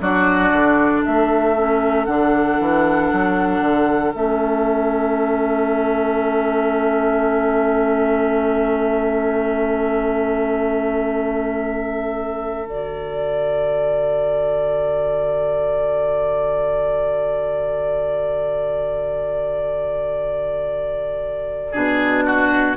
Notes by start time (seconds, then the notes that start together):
0.00 F#3 D4 F#4 D5
0.52 D3
1.04 A3 A4 E5
1.56 C#4
2.05 D3 D4 F#5
2.60 E3
3.12 F#3
3.60 D3
4.14 A3 C#4 E5
12.67 D3 F#4 D5
21.72 B2 D4 G#4
22.25 F#4